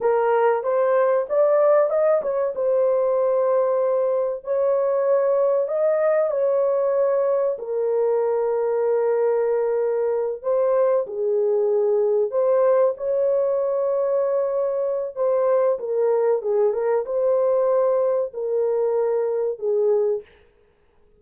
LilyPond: \new Staff \with { instrumentName = "horn" } { \time 4/4 \tempo 4 = 95 ais'4 c''4 d''4 dis''8 cis''8 | c''2. cis''4~ | cis''4 dis''4 cis''2 | ais'1~ |
ais'8 c''4 gis'2 c''8~ | c''8 cis''2.~ cis''8 | c''4 ais'4 gis'8 ais'8 c''4~ | c''4 ais'2 gis'4 | }